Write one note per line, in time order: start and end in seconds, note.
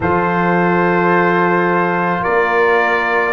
0.00 2.20 F3
0.00 3.33 F4
0.00 2.21 A4
0.00 2.23 C5
2.21 3.33 A#3
2.21 3.32 A#4
2.21 3.33 D5